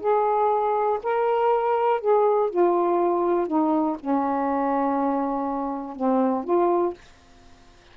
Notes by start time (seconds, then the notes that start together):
0.00 G#4
1.03 A#4
2.00 G#4
2.50 F4
3.47 D#4
3.99 C#4
5.96 C4
6.44 F4